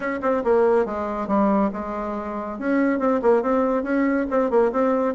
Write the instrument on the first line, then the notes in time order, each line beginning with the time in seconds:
bassoon
0.00 C#4
0.21 C4
0.44 A#3
0.85 G#3
1.27 G3
1.73 G#3
2.58 C#4
2.99 C4
3.21 A#3
3.42 C4
3.83 C#4
4.30 C4
4.50 A#3
4.72 C4